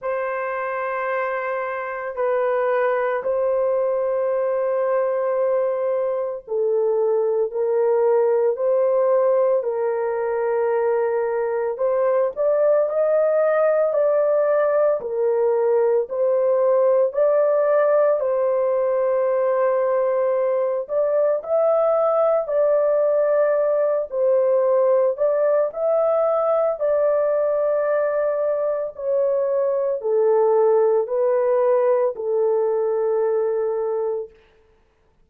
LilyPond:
\new Staff \with { instrumentName = "horn" } { \time 4/4 \tempo 4 = 56 c''2 b'4 c''4~ | c''2 a'4 ais'4 | c''4 ais'2 c''8 d''8 | dis''4 d''4 ais'4 c''4 |
d''4 c''2~ c''8 d''8 | e''4 d''4. c''4 d''8 | e''4 d''2 cis''4 | a'4 b'4 a'2 | }